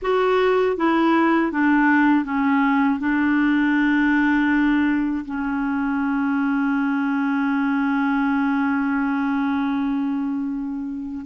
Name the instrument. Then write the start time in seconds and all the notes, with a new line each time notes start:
clarinet
0.01 F#4
0.76 E4
1.51 D4
2.25 C#4
2.99 D4
5.25 C#4